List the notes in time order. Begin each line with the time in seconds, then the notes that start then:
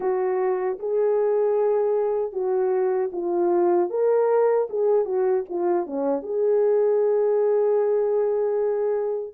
0.00 F#4
0.79 G#4
2.32 F#4
3.12 F4
3.90 A#4
4.69 G#4
5.05 F#4
5.49 F4
5.86 C#4
6.22 G#4